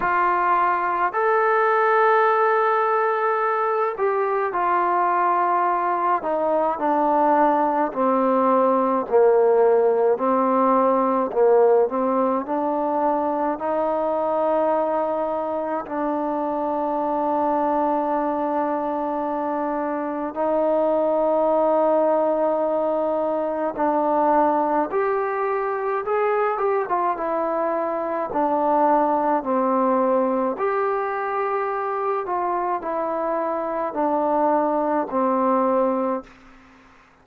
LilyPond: \new Staff \with { instrumentName = "trombone" } { \time 4/4 \tempo 4 = 53 f'4 a'2~ a'8 g'8 | f'4. dis'8 d'4 c'4 | ais4 c'4 ais8 c'8 d'4 | dis'2 d'2~ |
d'2 dis'2~ | dis'4 d'4 g'4 gis'8 g'16 f'16 | e'4 d'4 c'4 g'4~ | g'8 f'8 e'4 d'4 c'4 | }